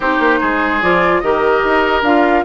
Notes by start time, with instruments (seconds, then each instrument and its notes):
0.00 bassoon C4, clarinet D#4, oboe G4, flute C5
0.19 bassoon A#3
0.40 bassoon G#3, oboe G#4
0.81 bassoon F3, clarinet F4, flute D5
1.20 bassoon D#3, clarinet G4, oboe A#4, flute D#5
1.64 bassoon D#4
2.02 bassoon D4, clarinet F4, flute F5